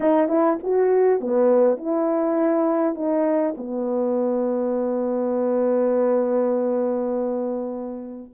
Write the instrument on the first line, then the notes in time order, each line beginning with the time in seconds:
horn
0.00 D#4
0.28 E4
0.63 F#4
1.20 B3
1.77 E4
2.95 D#4
3.57 B3